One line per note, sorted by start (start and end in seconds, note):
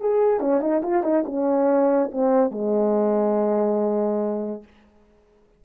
0.00 0.40 G#4
0.40 0.60 C#4
0.60 0.82 D#4
0.82 1.03 F4
1.03 1.24 D#4
1.26 2.11 C#4
2.12 2.51 C4
2.51 4.63 G#3